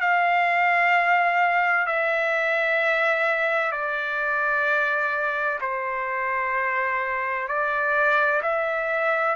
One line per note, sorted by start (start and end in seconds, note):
0.00 1.86 F5
1.86 3.71 E5
3.71 5.59 D5
5.60 7.47 C5
7.47 8.41 D5
8.42 9.35 E5